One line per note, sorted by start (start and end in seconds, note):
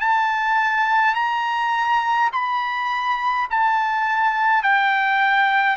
0.00 1.15 A5
1.15 2.30 A#5
2.33 3.48 B5
3.50 4.63 A5
4.63 5.76 G5